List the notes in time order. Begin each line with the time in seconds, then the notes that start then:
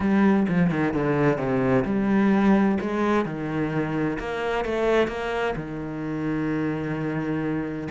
0.00 G3
0.48 F3
0.70 D#3
0.93 D3
1.37 C3
1.84 G3
2.80 G#3
3.25 D#3
4.19 A#3
4.64 A3
5.07 A#3
5.55 D#3